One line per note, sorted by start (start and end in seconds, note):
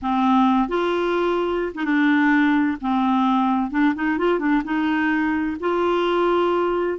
0.02 0.68 C4
0.68 1.73 F4
1.74 1.84 D#4
1.84 2.77 D4
2.80 3.71 C4
3.71 3.94 D4
3.95 4.18 D#4
4.18 4.39 F4
4.39 4.62 D4
4.64 5.57 D#4
5.60 6.98 F4